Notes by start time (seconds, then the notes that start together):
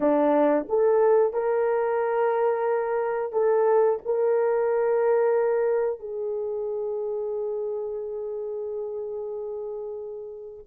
0.00 D4
0.68 A4
1.33 A#4
3.32 A4
4.05 A#4
5.99 G#4